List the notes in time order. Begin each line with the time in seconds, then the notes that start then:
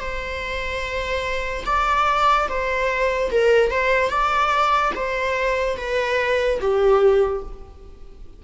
0.00 C5
1.66 D5
2.49 C5
3.31 A#4
3.71 C5
4.10 D5
4.95 C5
5.78 B4
6.61 G4